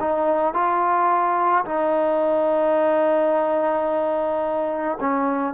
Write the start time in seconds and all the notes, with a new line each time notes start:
0.00 D#4
0.54 F4
1.65 D#4
5.01 C#4